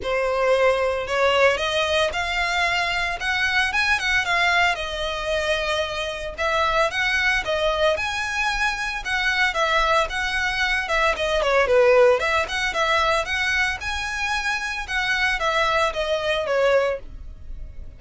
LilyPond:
\new Staff \with { instrumentName = "violin" } { \time 4/4 \tempo 4 = 113 c''2 cis''4 dis''4 | f''2 fis''4 gis''8 fis''8 | f''4 dis''2. | e''4 fis''4 dis''4 gis''4~ |
gis''4 fis''4 e''4 fis''4~ | fis''8 e''8 dis''8 cis''8 b'4 e''8 fis''8 | e''4 fis''4 gis''2 | fis''4 e''4 dis''4 cis''4 | }